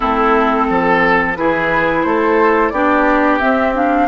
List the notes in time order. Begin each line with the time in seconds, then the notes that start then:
0.00 A3 C4 E4 A4
0.69 F3 A4
1.36 E3 E4 G#4 B4
2.02 A3 A4 C5
2.69 B3 D4 G4 D5
3.39 C4 E5
3.74 D4 F5